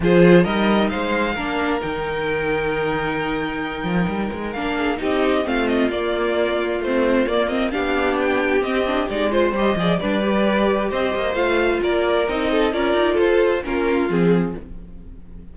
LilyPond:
<<
  \new Staff \with { instrumentName = "violin" } { \time 4/4 \tempo 4 = 132 c''4 dis''4 f''2 | g''1~ | g''2 f''4 dis''4 | f''8 dis''8 d''2 c''4 |
d''8 dis''8 f''4 g''4 dis''4 | d''8 c''8 dis''4 d''2 | dis''4 f''4 d''4 dis''4 | d''4 c''4 ais'4 gis'4 | }
  \new Staff \with { instrumentName = "violin" } { \time 4/4 gis'4 ais'4 c''4 ais'4~ | ais'1~ | ais'2~ ais'8 gis'8 g'4 | f'1~ |
f'4 g'2.~ | g'8 c''4 d''8 b'2 | c''2 ais'4. a'8 | ais'4 a'4 f'2 | }
  \new Staff \with { instrumentName = "viola" } { \time 4/4 f'4 dis'2 d'4 | dis'1~ | dis'2 d'4 dis'4 | c'4 ais2 c'4 |
ais8 c'8 d'2 c'8 d'8 | dis'8 f'8 g'8 gis'8 d'8 g'4.~ | g'4 f'2 dis'4 | f'2 cis'4 c'4 | }
  \new Staff \with { instrumentName = "cello" } { \time 4/4 f4 g4 gis4 ais4 | dis1~ | dis8 f8 g8 gis8 ais4 c'4 | a4 ais2 a4 |
ais4 b2 c'4 | gis4 g8 f8 g2 | c'8 ais8 a4 ais4 c'4 | cis'8 dis'8 f'4 ais4 f4 | }
>>